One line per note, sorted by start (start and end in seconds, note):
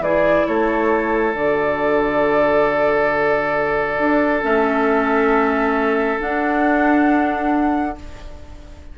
0.00 0.44 E3
0.00 1.35 E4
0.00 0.47 G#4
0.00 0.47 D5
0.47 1.35 A3
0.47 7.98 A4
0.47 1.35 C#5
1.35 3.99 D3
1.35 4.42 F#4
1.35 4.44 D5
3.99 4.43 D4
4.42 6.20 A3
4.42 6.19 C#4
4.42 6.20 E5
6.20 7.96 D4
6.20 7.97 D4
6.20 7.98 F#5